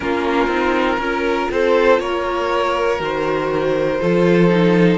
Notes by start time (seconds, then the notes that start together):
0.00 A#3 C#4 F4 A#4
0.47 C4 D#4
0.97 C#4 F4 A#4
1.50 C4 A4 C5
1.99 A#3 A#4 C#5
2.98 D#3 F#4 C5
4.00 F3 F4 A4
4.49 D#4